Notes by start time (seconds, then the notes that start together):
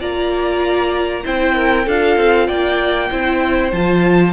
0.00 A#3 F4 D5 A#5
1.24 C4 E4 C5 G5
1.55 A#4
1.86 D4 F4 A4 F5
2.17 C4
2.48 A#3 D5 G5
3.11 C4 E4 C5
3.72 F3 F4 A5